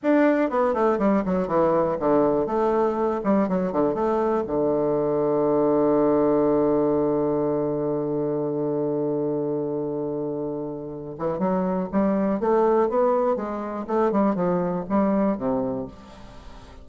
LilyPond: \new Staff \with { instrumentName = "bassoon" } { \time 4/4 \tempo 4 = 121 d'4 b8 a8 g8 fis8 e4 | d4 a4. g8 fis8 d8 | a4 d2.~ | d1~ |
d1~ | d2~ d8 e8 fis4 | g4 a4 b4 gis4 | a8 g8 f4 g4 c4 | }